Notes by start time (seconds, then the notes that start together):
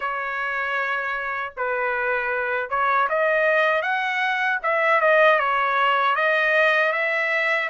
0.00 C#5
1.57 B4
2.69 C#5
3.09 D#5
3.81 F#5
4.63 E5
5.00 D#5
5.39 C#5
6.15 D#5
6.92 E5